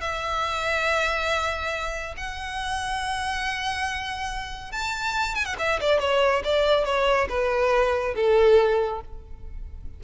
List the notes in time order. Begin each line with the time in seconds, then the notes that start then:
0.00 E5
2.17 F#5
4.71 A5
5.35 G#5
5.44 F#5
5.58 E5
5.80 D5
5.99 C#5
6.44 D5
6.85 C#5
7.29 B4
8.15 A4